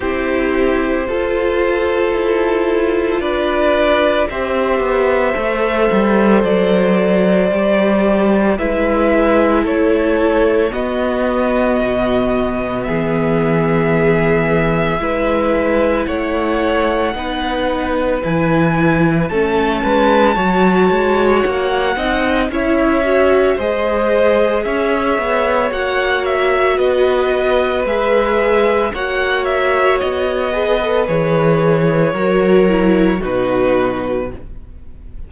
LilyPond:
<<
  \new Staff \with { instrumentName = "violin" } { \time 4/4 \tempo 4 = 56 c''2. d''4 | e''2 d''2 | e''4 cis''4 dis''2 | e''2. fis''4~ |
fis''4 gis''4 a''2 | fis''4 e''4 dis''4 e''4 | fis''8 e''8 dis''4 e''4 fis''8 e''8 | dis''4 cis''2 b'4 | }
  \new Staff \with { instrumentName = "violin" } { \time 4/4 g'4 a'2 b'4 | c''1 | b'4 a'4 fis'2 | gis'2 b'4 cis''4 |
b'2 a'8 b'8 cis''4~ | cis''8 dis''8 cis''4 c''4 cis''4~ | cis''4 b'2 cis''4~ | cis''8 b'4. ais'4 fis'4 | }
  \new Staff \with { instrumentName = "viola" } { \time 4/4 e'4 f'2. | g'4 a'2 g'4 | e'2 b2~ | b2 e'2 |
dis'4 e'4 cis'4 fis'4~ | fis'8 dis'8 e'8 fis'8 gis'2 | fis'2 gis'4 fis'4~ | fis'8 gis'16 a'16 gis'4 fis'8 e'8 dis'4 | }
  \new Staff \with { instrumentName = "cello" } { \time 4/4 c'4 f'4 e'4 d'4 | c'8 b8 a8 g8 fis4 g4 | gis4 a4 b4 b,4 | e2 gis4 a4 |
b4 e4 a8 gis8 fis8 gis8 | ais8 c'8 cis'4 gis4 cis'8 b8 | ais4 b4 gis4 ais4 | b4 e4 fis4 b,4 | }
>>